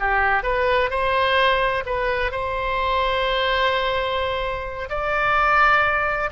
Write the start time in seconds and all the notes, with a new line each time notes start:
0.00 G4
0.43 B4
0.90 C5
1.86 B4
2.32 C5
4.90 D5